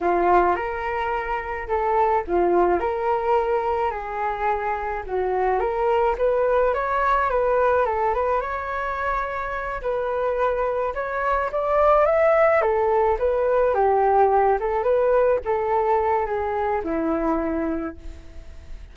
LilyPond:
\new Staff \with { instrumentName = "flute" } { \time 4/4 \tempo 4 = 107 f'4 ais'2 a'4 | f'4 ais'2 gis'4~ | gis'4 fis'4 ais'4 b'4 | cis''4 b'4 a'8 b'8 cis''4~ |
cis''4. b'2 cis''8~ | cis''8 d''4 e''4 a'4 b'8~ | b'8 g'4. a'8 b'4 a'8~ | a'4 gis'4 e'2 | }